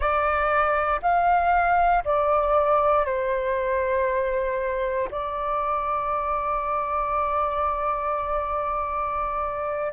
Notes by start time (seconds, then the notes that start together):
0.00 D5
1.02 F5
2.04 D5
3.05 C5
5.11 D5